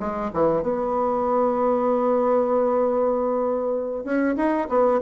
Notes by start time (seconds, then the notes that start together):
0.00 G#3
0.34 E3
0.63 B3
4.05 C#4
4.37 D#4
4.69 B3